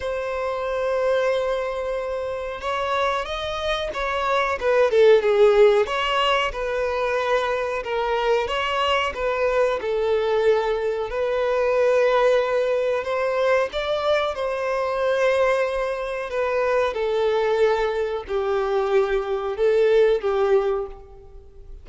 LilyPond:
\new Staff \with { instrumentName = "violin" } { \time 4/4 \tempo 4 = 92 c''1 | cis''4 dis''4 cis''4 b'8 a'8 | gis'4 cis''4 b'2 | ais'4 cis''4 b'4 a'4~ |
a'4 b'2. | c''4 d''4 c''2~ | c''4 b'4 a'2 | g'2 a'4 g'4 | }